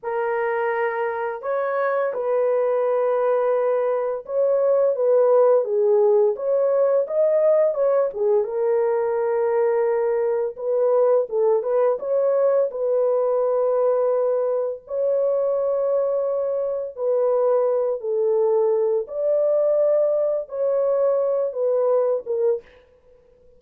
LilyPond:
\new Staff \with { instrumentName = "horn" } { \time 4/4 \tempo 4 = 85 ais'2 cis''4 b'4~ | b'2 cis''4 b'4 | gis'4 cis''4 dis''4 cis''8 gis'8 | ais'2. b'4 |
a'8 b'8 cis''4 b'2~ | b'4 cis''2. | b'4. a'4. d''4~ | d''4 cis''4. b'4 ais'8 | }